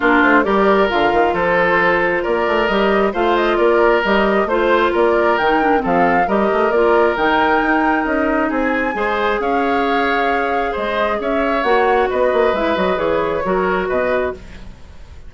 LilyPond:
<<
  \new Staff \with { instrumentName = "flute" } { \time 4/4 \tempo 4 = 134 ais'8 c''8 d''4 f''4 c''4~ | c''4 d''4 dis''4 f''8 dis''8 | d''4 dis''4 c''4 d''4 | g''4 f''4 dis''4 d''4 |
g''2 dis''4 gis''4~ | gis''4 f''2. | dis''4 e''4 fis''4 dis''4 | e''8 dis''8 cis''2 dis''4 | }
  \new Staff \with { instrumentName = "oboe" } { \time 4/4 f'4 ais'2 a'4~ | a'4 ais'2 c''4 | ais'2 c''4 ais'4~ | ais'4 a'4 ais'2~ |
ais'2. gis'4 | c''4 cis''2. | c''4 cis''2 b'4~ | b'2 ais'4 b'4 | }
  \new Staff \with { instrumentName = "clarinet" } { \time 4/4 d'4 g'4 f'2~ | f'2 g'4 f'4~ | f'4 g'4 f'2 | dis'8 d'8 c'4 g'4 f'4 |
dis'1 | gis'1~ | gis'2 fis'2 | e'8 fis'8 gis'4 fis'2 | }
  \new Staff \with { instrumentName = "bassoon" } { \time 4/4 ais8 a8 g4 d8 dis8 f4~ | f4 ais8 a8 g4 a4 | ais4 g4 a4 ais4 | dis4 f4 g8 a8 ais4 |
dis4 dis'4 cis'4 c'4 | gis4 cis'2. | gis4 cis'4 ais4 b8 ais8 | gis8 fis8 e4 fis4 b,4 | }
>>